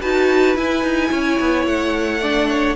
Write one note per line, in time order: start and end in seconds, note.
0.00 0.56 D#4
0.00 0.56 F#4
0.00 1.10 B4
0.00 0.56 A5
0.56 0.83 E4
0.56 2.21 E4
0.56 1.66 G#5
0.83 1.10 D#4
1.10 1.39 C#4
1.10 2.20 C#5
1.40 1.66 B3
1.66 2.76 A3
1.66 2.76 F#5
2.20 2.76 D4
2.20 2.48 D5
2.49 2.76 C#5